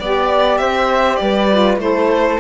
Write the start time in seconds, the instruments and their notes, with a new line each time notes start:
0.00 cello B3, saxophone G4, flute D5, violin D5
0.58 cello C4, flute C5, violin E5
1.16 cello G3, flute B4, violin D5
1.52 saxophone F4
1.78 cello A3, saxophone E4, flute A4, violin C5